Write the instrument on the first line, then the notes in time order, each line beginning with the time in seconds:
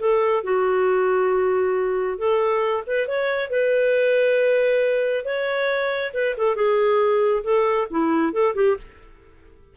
clarinet
0.00 A4
0.44 F#4
2.18 A4
2.87 B4
3.08 C#5
3.50 B4
5.25 C#5
6.14 B4
6.37 A4
6.56 G#4
7.44 A4
7.91 E4
8.33 A4
8.55 G4